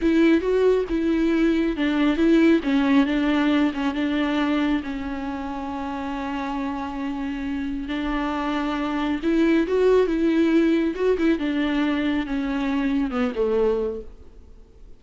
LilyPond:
\new Staff \with { instrumentName = "viola" } { \time 4/4 \tempo 4 = 137 e'4 fis'4 e'2 | d'4 e'4 cis'4 d'4~ | d'8 cis'8 d'2 cis'4~ | cis'1~ |
cis'2 d'2~ | d'4 e'4 fis'4 e'4~ | e'4 fis'8 e'8 d'2 | cis'2 b8 a4. | }